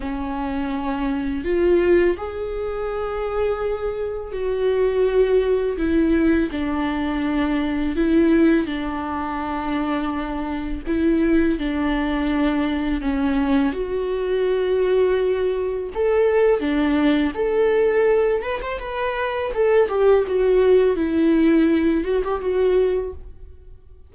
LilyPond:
\new Staff \with { instrumentName = "viola" } { \time 4/4 \tempo 4 = 83 cis'2 f'4 gis'4~ | gis'2 fis'2 | e'4 d'2 e'4 | d'2. e'4 |
d'2 cis'4 fis'4~ | fis'2 a'4 d'4 | a'4. b'16 c''16 b'4 a'8 g'8 | fis'4 e'4. fis'16 g'16 fis'4 | }